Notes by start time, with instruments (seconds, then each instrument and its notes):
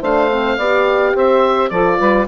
0.00 bassoon A3, horn D4, saxophone C5, oboe F5
0.30 horn C4
0.56 bassoon B3, horn G4, saxophone D5
1.14 bassoon C4, saxophone C5, oboe E5
1.70 bassoon F3, horn F4, saxophone A4, oboe D5
1.99 bassoon G3, saxophone B4